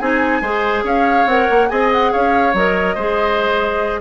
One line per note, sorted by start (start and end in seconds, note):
0.00 0.41 C4
0.00 0.43 D#4
0.00 0.42 G#4
0.00 0.85 G#5
0.41 0.84 G#3
0.41 1.28 G#4
0.41 0.84 C5
0.84 1.26 C#4
0.84 1.69 C#5
0.84 1.28 F5
1.26 1.47 C4
1.26 1.69 A#4
1.26 1.69 F#5
1.51 1.71 A#3
1.69 2.13 C4
1.69 2.54 G#4
1.69 2.12 D#5
1.69 1.90 G#5
1.93 2.13 F#5
2.12 2.54 C#4
2.12 2.95 C#5
2.12 2.55 F5
2.54 2.96 F#3
2.54 2.98 A#4
2.54 4.01 D#5
2.95 4.01 G#3
2.95 4.01 G#4
2.95 4.01 C5